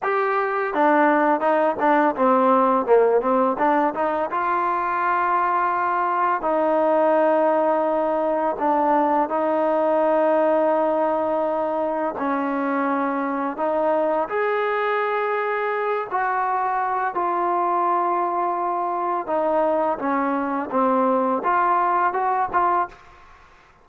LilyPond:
\new Staff \with { instrumentName = "trombone" } { \time 4/4 \tempo 4 = 84 g'4 d'4 dis'8 d'8 c'4 | ais8 c'8 d'8 dis'8 f'2~ | f'4 dis'2. | d'4 dis'2.~ |
dis'4 cis'2 dis'4 | gis'2~ gis'8 fis'4. | f'2. dis'4 | cis'4 c'4 f'4 fis'8 f'8 | }